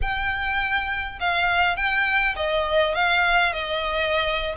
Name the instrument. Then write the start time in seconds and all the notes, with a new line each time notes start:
violin
0.01 G5
1.20 F5
1.76 G5
2.36 D#5
2.94 F5
3.52 D#5